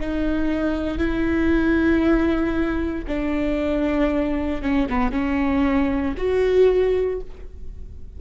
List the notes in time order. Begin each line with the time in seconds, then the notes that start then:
0.00 D#4
0.98 E4
3.07 D4
4.62 C#4
4.89 B3
5.12 C#4
6.17 F#4